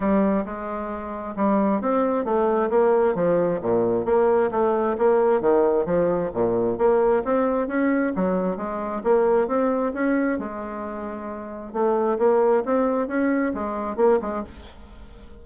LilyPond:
\new Staff \with { instrumentName = "bassoon" } { \time 4/4 \tempo 4 = 133 g4 gis2 g4 | c'4 a4 ais4 f4 | ais,4 ais4 a4 ais4 | dis4 f4 ais,4 ais4 |
c'4 cis'4 fis4 gis4 | ais4 c'4 cis'4 gis4~ | gis2 a4 ais4 | c'4 cis'4 gis4 ais8 gis8 | }